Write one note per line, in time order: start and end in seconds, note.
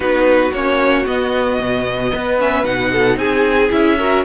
0.00 0.51 B3
0.00 0.51 D#4
0.00 2.10 F#4
0.00 0.52 B4
0.52 1.06 A#3
0.52 1.04 C#4
0.52 1.06 C#5
1.04 2.37 B3
1.04 1.59 B3
1.04 2.40 D#5
1.59 2.12 B2
2.11 2.63 B3
2.11 2.91 B4
2.39 2.64 C#4
2.39 2.64 E5
2.63 3.16 B2
2.63 3.70 D#4
2.63 3.17 F#5
2.91 3.18 A4
3.16 3.69 C4
3.16 3.97 G#4
3.16 3.71 G#5
3.70 4.24 C#4
3.70 3.96 E4
3.70 4.24 E5
3.97 4.24 F#4
3.97 4.24 A#4